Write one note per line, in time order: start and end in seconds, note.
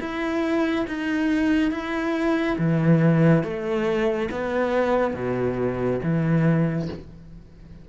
0.00 0.86 E4
0.87 1.71 D#4
1.71 2.57 E4
2.58 3.43 E3
3.43 4.29 A3
4.31 5.14 B3
5.14 6.00 B2
6.03 6.88 E3